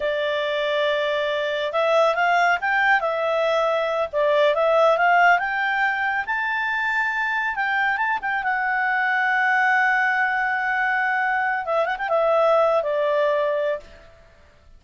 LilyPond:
\new Staff \with { instrumentName = "clarinet" } { \time 4/4 \tempo 4 = 139 d''1 | e''4 f''4 g''4 e''4~ | e''4. d''4 e''4 f''8~ | f''8 g''2 a''4.~ |
a''4. g''4 a''8 g''8 fis''8~ | fis''1~ | fis''2. e''8 fis''16 g''16 | e''4.~ e''16 d''2~ d''16 | }